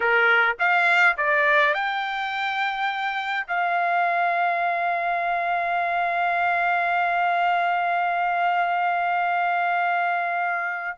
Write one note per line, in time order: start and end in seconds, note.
0.00 0.56 A#4
0.59 1.16 F5
1.17 1.73 D5
1.73 3.46 G5
3.47 10.97 F5